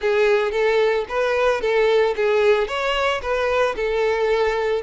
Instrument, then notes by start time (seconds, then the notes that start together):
violin
0.01 G#4
0.51 A4
1.08 B4
1.61 A4
2.16 G#4
2.67 C#5
3.21 B4
3.75 A4